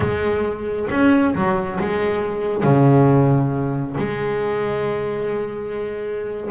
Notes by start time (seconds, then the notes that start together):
0.00 G#3
0.90 C#4
1.35 F#3
1.79 G#3
2.63 C#3
3.97 G#3